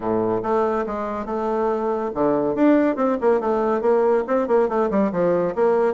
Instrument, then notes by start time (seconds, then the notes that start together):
bassoon
0.00 A2
0.42 A3
0.86 G#3
1.25 A3
2.14 D3
2.55 D4
2.96 C4
3.21 A#3
3.40 A3
3.81 A#3
4.27 C4
4.47 A#3
4.68 A3
4.90 G3
5.11 F3
5.55 A#3